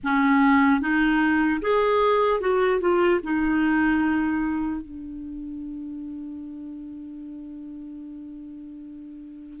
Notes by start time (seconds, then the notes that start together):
0.03 C#4
0.80 D#4
1.61 G#4
2.40 F#4
2.80 F4
3.23 D#4
4.81 D4